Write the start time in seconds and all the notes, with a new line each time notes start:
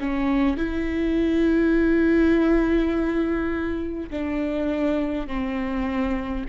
0.00 C#4
0.57 E4
4.11 D4
5.28 C4